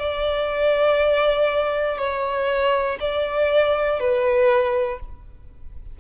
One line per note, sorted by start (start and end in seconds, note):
0.00 1.98 D5
1.98 2.98 C#5
3.00 4.00 D5
4.00 5.00 B4